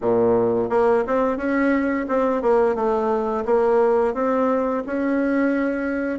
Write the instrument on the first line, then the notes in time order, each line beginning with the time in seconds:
bassoon
0.01 A#2
0.69 A#3
1.07 C4
1.37 C#4
2.08 C4
2.42 A#3
2.75 A3
3.45 A#3
4.14 C4
4.86 C#4